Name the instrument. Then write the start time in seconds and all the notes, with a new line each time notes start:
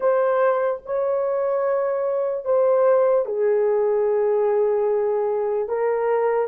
horn
0.00 C5
0.85 C#5
2.45 C5
3.25 G#4
5.68 A#4